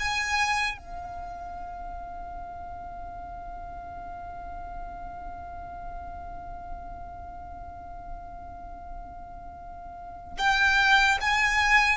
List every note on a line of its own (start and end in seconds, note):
0.00 0.78 G#5
0.78 10.38 F5
10.39 11.19 G5
11.21 11.98 G#5